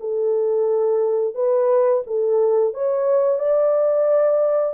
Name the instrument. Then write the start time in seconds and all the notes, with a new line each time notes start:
horn
0.00 A4
1.35 B4
2.06 A4
2.74 C#5
3.39 D5